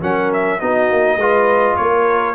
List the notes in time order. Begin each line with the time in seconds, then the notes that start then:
0.00 F#3 C#4 A#4 F#5
0.33 E5
0.60 B3 D#4 F#4 D#5
0.91 A#3
1.16 G#3 F4 B4
1.76 A#3 A#4 C#5